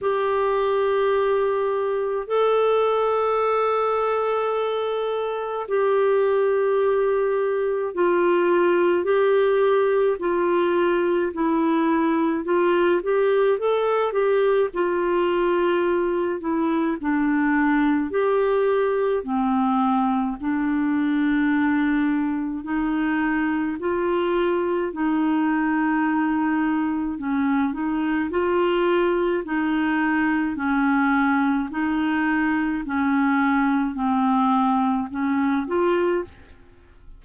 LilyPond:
\new Staff \with { instrumentName = "clarinet" } { \time 4/4 \tempo 4 = 53 g'2 a'2~ | a'4 g'2 f'4 | g'4 f'4 e'4 f'8 g'8 | a'8 g'8 f'4. e'8 d'4 |
g'4 c'4 d'2 | dis'4 f'4 dis'2 | cis'8 dis'8 f'4 dis'4 cis'4 | dis'4 cis'4 c'4 cis'8 f'8 | }